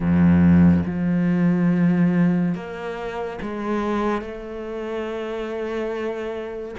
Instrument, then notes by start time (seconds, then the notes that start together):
cello
0.00 F2
0.85 F3
2.54 A#3
3.41 G#3
4.21 A3